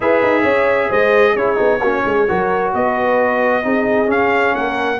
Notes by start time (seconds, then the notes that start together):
0.00 E4 G#4 B4 E5
0.22 D#4
0.42 C#4 C#5
0.89 G#3 C5 D#5
1.35 C#4 E4 G#4 C#5
1.56 B3 D#4
1.80 A#3 C#4 F#4
2.05 G#3 G#4
2.28 F#3 F#4 A#4
2.73 B3 B4 D#5
3.63 C4 D#4 G#4
4.06 C#4 F5
4.55 A#3 A#4 F#5